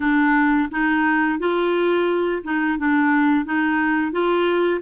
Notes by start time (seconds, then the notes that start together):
0.00 D4
0.71 D#4
1.39 F4
2.43 D#4
2.78 D4
3.45 D#4
4.12 F4